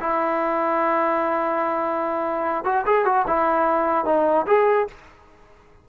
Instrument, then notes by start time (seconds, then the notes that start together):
trombone
0.00 E4
2.64 F#4
2.86 G#4
3.05 F#4
3.27 E4
4.05 D#4
4.47 G#4